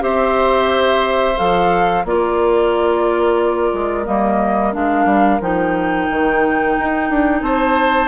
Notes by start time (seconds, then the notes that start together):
0.00 C4 G4 C5 E5
1.37 F3 A4 F5
2.04 A#3 F4 A#4 D5
3.73 G#3
4.05 G3 A#3 D#5
4.73 G#3 D4 F5
5.05 G3
5.41 F3 D#4 G5
6.10 D#3
6.79 D#4
7.10 D4
7.42 C4 C5 A5